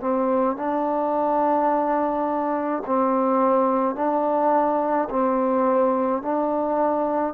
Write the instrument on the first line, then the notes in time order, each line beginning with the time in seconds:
trombone
0.00 C4
0.57 D4
2.86 C4
3.96 D4
5.10 C4
6.22 D4